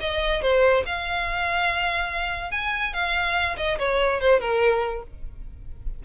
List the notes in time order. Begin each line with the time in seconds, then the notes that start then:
0.00 D#5
0.42 C5
0.85 F5
2.51 G#5
2.93 F5
3.57 D#5
3.78 C#5
4.20 C5
4.40 A#4